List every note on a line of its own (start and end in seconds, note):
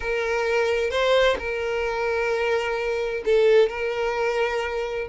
0.00 0.90 A#4
0.90 1.36 C5
1.38 3.23 A#4
3.25 3.69 A4
3.69 5.07 A#4